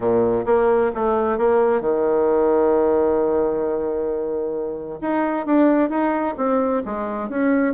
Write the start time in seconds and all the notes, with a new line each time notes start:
0.00 A#2
0.45 A#3
0.94 A3
1.38 A#3
1.81 D#3
5.01 D#4
5.45 D4
5.89 D#4
6.37 C4
6.85 G#3
7.29 C#4